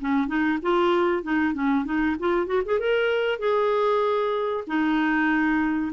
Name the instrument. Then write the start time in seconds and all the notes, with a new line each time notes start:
clarinet
0.00 C#4
0.27 D#4
0.62 F4
1.23 D#4
1.53 C#4
1.85 D#4
2.19 F4
2.46 F#4
2.65 G#4
2.79 A#4
3.39 G#4
4.67 D#4